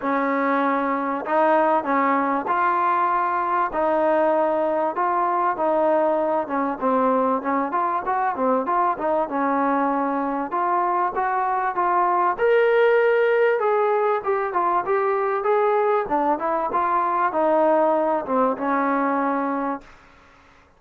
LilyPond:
\new Staff \with { instrumentName = "trombone" } { \time 4/4 \tempo 4 = 97 cis'2 dis'4 cis'4 | f'2 dis'2 | f'4 dis'4. cis'8 c'4 | cis'8 f'8 fis'8 c'8 f'8 dis'8 cis'4~ |
cis'4 f'4 fis'4 f'4 | ais'2 gis'4 g'8 f'8 | g'4 gis'4 d'8 e'8 f'4 | dis'4. c'8 cis'2 | }